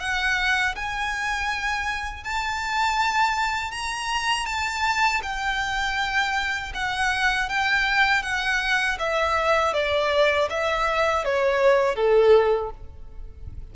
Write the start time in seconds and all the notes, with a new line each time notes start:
0.00 F#5
0.75 G#5
2.24 A5
3.71 A#5
4.46 A5
5.23 G5
6.74 F#5
7.49 G5
8.23 F#5
8.99 E5
9.73 D5
10.50 E5
11.25 C#5
11.96 A4